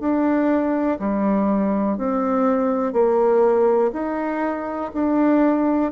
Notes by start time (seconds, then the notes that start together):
0.00 D4
1.00 G3
1.98 C4
2.93 A#3
3.93 D#4
4.94 D4